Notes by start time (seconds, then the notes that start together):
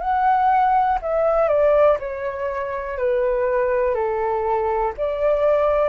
0.00 F#5
1.01 E5
1.48 D5
1.99 C#5
2.97 B4
3.94 A4
4.97 D5